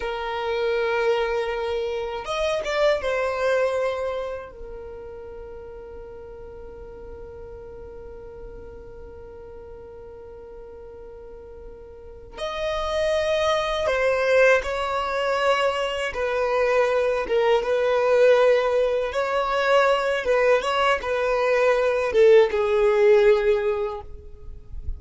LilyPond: \new Staff \with { instrumentName = "violin" } { \time 4/4 \tempo 4 = 80 ais'2. dis''8 d''8 | c''2 ais'2~ | ais'1~ | ais'1~ |
ais'8 dis''2 c''4 cis''8~ | cis''4. b'4. ais'8 b'8~ | b'4. cis''4. b'8 cis''8 | b'4. a'8 gis'2 | }